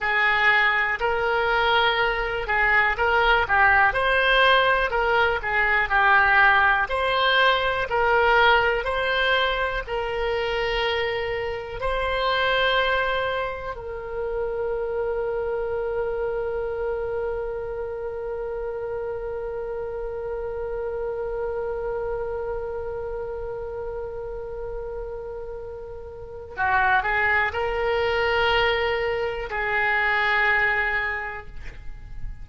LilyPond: \new Staff \with { instrumentName = "oboe" } { \time 4/4 \tempo 4 = 61 gis'4 ais'4. gis'8 ais'8 g'8 | c''4 ais'8 gis'8 g'4 c''4 | ais'4 c''4 ais'2 | c''2 ais'2~ |
ais'1~ | ais'1~ | ais'2. fis'8 gis'8 | ais'2 gis'2 | }